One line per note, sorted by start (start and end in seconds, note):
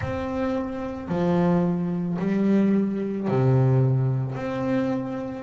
0.01 1.08 C4
1.08 2.17 F3
2.18 3.27 G3
3.27 4.35 C3
4.35 5.42 C4